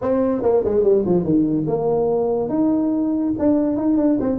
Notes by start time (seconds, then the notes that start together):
0.01 C4
0.42 A#3
0.64 G#3
0.83 G3
1.05 F3
1.24 D#3
1.67 A#3
2.49 D#4
3.38 D4
3.76 D#4
3.97 D4
4.20 C4